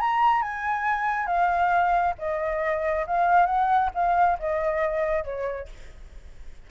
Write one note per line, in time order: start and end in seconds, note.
0.00 0.42 A#5
0.42 1.26 G#5
1.26 2.14 F5
2.18 3.06 D#5
3.07 3.46 F5
3.46 3.90 F#5
3.94 4.38 F5
4.39 5.24 D#5
5.24 5.68 C#5